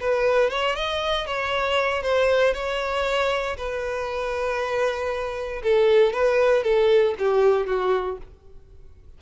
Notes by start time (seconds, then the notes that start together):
0.00 B4
0.50 C#5
0.75 D#5
1.27 C#5
2.03 C5
2.54 C#5
3.57 B4
5.63 A4
6.13 B4
6.63 A4
7.18 G4
7.66 F#4